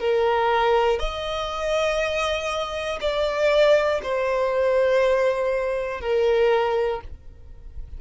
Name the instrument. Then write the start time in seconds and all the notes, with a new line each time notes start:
violin
0.00 A#4
1.00 D#5
3.01 D5
4.04 C5
6.01 A#4